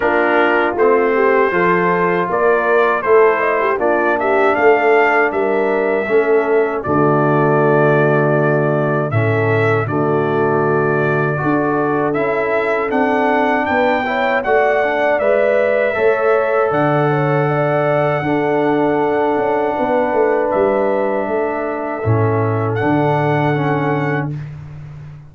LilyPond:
<<
  \new Staff \with { instrumentName = "trumpet" } { \time 4/4 \tempo 4 = 79 ais'4 c''2 d''4 | c''4 d''8 e''8 f''4 e''4~ | e''4 d''2. | e''4 d''2. |
e''4 fis''4 g''4 fis''4 | e''2 fis''2~ | fis''2. e''4~ | e''2 fis''2 | }
  \new Staff \with { instrumentName = "horn" } { \time 4/4 f'4. g'8 a'4 ais'4 | a'8 dis''16 g'16 f'8 g'8 a'4 ais'4 | a'4 fis'2. | a'4 fis'2 a'4~ |
a'2 b'8 cis''8 d''4~ | d''4 cis''4 d''8 cis''8 d''4 | a'2 b'2 | a'1 | }
  \new Staff \with { instrumentName = "trombone" } { \time 4/4 d'4 c'4 f'2 | e'4 d'2. | cis'4 a2. | cis'4 a2 fis'4 |
e'4 d'4. e'8 fis'8 d'8 | b'4 a'2. | d'1~ | d'4 cis'4 d'4 cis'4 | }
  \new Staff \with { instrumentName = "tuba" } { \time 4/4 ais4 a4 f4 ais4 | a4 ais4 a4 g4 | a4 d2. | a,4 d2 d'4 |
cis'4 c'4 b4 a4 | gis4 a4 d2 | d'4. cis'8 b8 a8 g4 | a4 a,4 d2 | }
>>